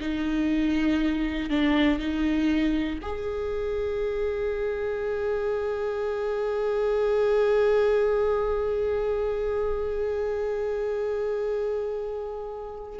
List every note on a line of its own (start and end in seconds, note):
0.00 1.50 D#4
1.50 2.00 D4
2.00 3.00 D#4
3.02 13.00 G#4